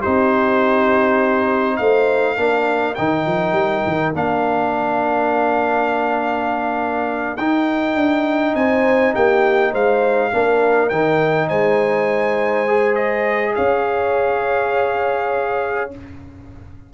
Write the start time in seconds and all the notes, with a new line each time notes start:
0.00 D#4 G4 C5
0.06 C4
1.77 A3 C5 F5
2.36 A#3 D4 A#4
2.95 D#3 D#4 G5
3.26 F3
3.53 G3
3.87 D#3
4.14 A#3 D4 F5
7.37 D#4 G5
7.95 D4
8.55 C4 C5 G#5
9.14 A#3 G4 G5
9.72 G#3 C5 F5
10.33 A#3 D4 A#4
10.89 D#3 D#4 G5
11.48 G#3 C5 G#5
12.68 G#4
12.95 D#5
13.56 C#4 C#5 F5